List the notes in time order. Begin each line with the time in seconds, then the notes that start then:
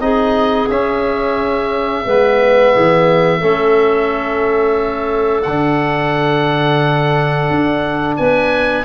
0.00 C4 D#4 G#4 D#5
0.69 C#4 E5
2.05 G#3 B3 B4
2.73 E3 G#4
3.39 A3 C#4 A4
5.42 D3 D4 F#5
7.50 D4
8.17 B3 B4 G#5